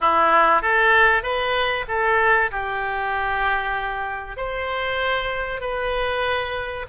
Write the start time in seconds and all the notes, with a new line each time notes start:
0.01 E4
0.62 A4
1.22 B4
1.88 A4
2.51 G4
4.37 C5
5.61 B4